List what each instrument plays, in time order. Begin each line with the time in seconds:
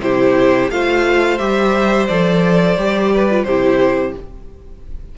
0.00 cello C3, viola E4, violin G4 C5
0.70 cello A3, viola F4, violin C5 F5
1.38 cello G3, viola G4, violin E5
2.07 cello F3, viola A4, violin D5
2.77 cello G3, viola G4
3.14 violin B4
3.29 viola F4
3.43 cello C3, viola E4, violin G4 C5